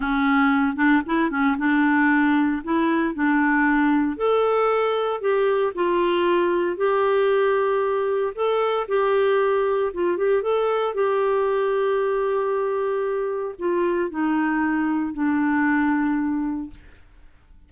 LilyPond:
\new Staff \with { instrumentName = "clarinet" } { \time 4/4 \tempo 4 = 115 cis'4. d'8 e'8 cis'8 d'4~ | d'4 e'4 d'2 | a'2 g'4 f'4~ | f'4 g'2. |
a'4 g'2 f'8 g'8 | a'4 g'2.~ | g'2 f'4 dis'4~ | dis'4 d'2. | }